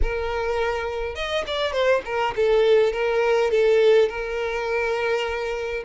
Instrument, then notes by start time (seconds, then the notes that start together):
violin
0.02 A#4
1.15 D#5
1.46 D5
1.72 C5
2.05 A#4
2.36 A4
2.92 A#4
3.50 A4
4.08 A#4